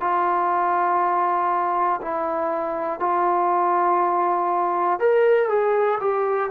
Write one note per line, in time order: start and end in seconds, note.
0.00 2.00 F4
2.01 2.99 E4
2.99 4.99 F4
4.99 5.48 A#4
5.48 5.98 G#4
6.00 6.50 G4